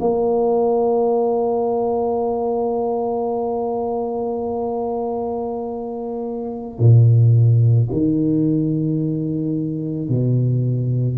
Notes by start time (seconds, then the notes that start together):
0.00 A#3
6.79 A#2
7.91 D#3
10.09 B2